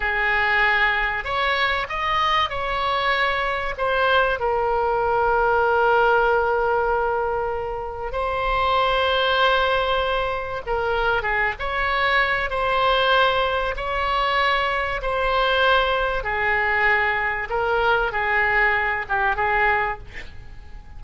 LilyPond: \new Staff \with { instrumentName = "oboe" } { \time 4/4 \tempo 4 = 96 gis'2 cis''4 dis''4 | cis''2 c''4 ais'4~ | ais'1~ | ais'4 c''2.~ |
c''4 ais'4 gis'8 cis''4. | c''2 cis''2 | c''2 gis'2 | ais'4 gis'4. g'8 gis'4 | }